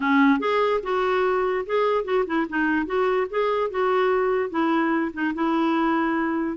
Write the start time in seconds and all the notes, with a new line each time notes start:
0.00 C#4
0.39 G#4
0.83 F#4
1.66 G#4
2.04 F#4
2.26 E4
2.49 D#4
2.86 F#4
3.30 G#4
3.70 F#4
4.50 E4
5.13 D#4
5.34 E4